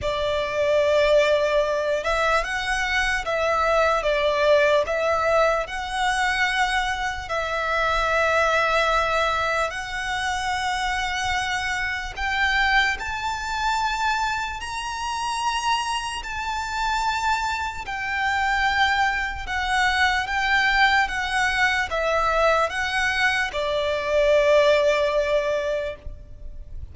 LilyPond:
\new Staff \with { instrumentName = "violin" } { \time 4/4 \tempo 4 = 74 d''2~ d''8 e''8 fis''4 | e''4 d''4 e''4 fis''4~ | fis''4 e''2. | fis''2. g''4 |
a''2 ais''2 | a''2 g''2 | fis''4 g''4 fis''4 e''4 | fis''4 d''2. | }